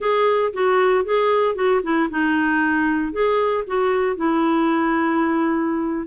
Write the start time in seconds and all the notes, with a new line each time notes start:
0.00 G#4
0.53 F#4
1.04 G#4
1.55 F#4
1.83 E4
2.10 D#4
3.12 G#4
3.66 F#4
4.16 E4